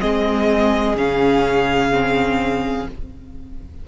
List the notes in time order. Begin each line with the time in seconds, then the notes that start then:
0.00 G#3 C4 G#4 D#5
0.95 C#3 C#4 F5
1.92 C4